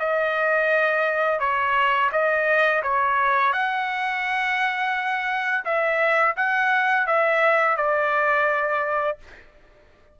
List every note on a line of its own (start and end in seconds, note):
0.00 1.40 D#5
1.40 2.10 C#5
2.12 2.83 D#5
2.83 3.53 C#5
3.53 5.65 F#5
5.65 6.36 E5
6.37 7.07 F#5
7.07 7.77 E5
7.77 9.19 D5